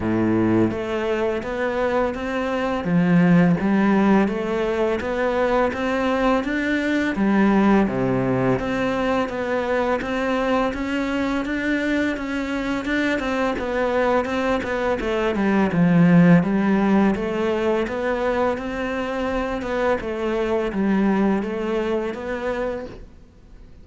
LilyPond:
\new Staff \with { instrumentName = "cello" } { \time 4/4 \tempo 4 = 84 a,4 a4 b4 c'4 | f4 g4 a4 b4 | c'4 d'4 g4 c4 | c'4 b4 c'4 cis'4 |
d'4 cis'4 d'8 c'8 b4 | c'8 b8 a8 g8 f4 g4 | a4 b4 c'4. b8 | a4 g4 a4 b4 | }